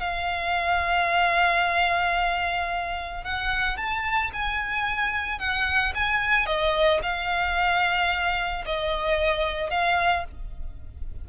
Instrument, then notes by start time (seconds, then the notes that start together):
violin
0.00 F5
3.24 F#5
3.77 A5
4.33 G#5
5.39 F#5
5.95 G#5
6.46 D#5
7.03 F5
8.66 D#5
9.71 F5